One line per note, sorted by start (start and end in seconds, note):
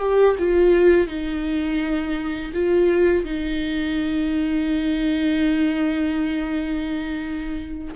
0.00 0.36 G4
0.39 1.08 F4
1.08 2.52 D#4
2.54 3.25 F4
3.25 7.95 D#4